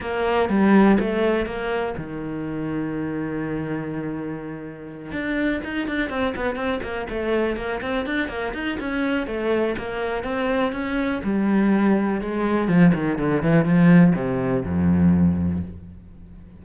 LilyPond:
\new Staff \with { instrumentName = "cello" } { \time 4/4 \tempo 4 = 123 ais4 g4 a4 ais4 | dis1~ | dis2~ dis8 d'4 dis'8 | d'8 c'8 b8 c'8 ais8 a4 ais8 |
c'8 d'8 ais8 dis'8 cis'4 a4 | ais4 c'4 cis'4 g4~ | g4 gis4 f8 dis8 d8 e8 | f4 c4 f,2 | }